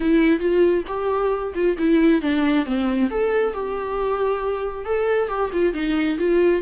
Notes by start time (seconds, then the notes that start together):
0.00 E4
0.39 F4
0.87 G4
1.54 F4
1.77 E4
2.21 D4
2.65 C4
3.10 A4
3.53 G4
4.85 A4
5.28 G4
5.52 F4
5.73 D#4
6.18 F4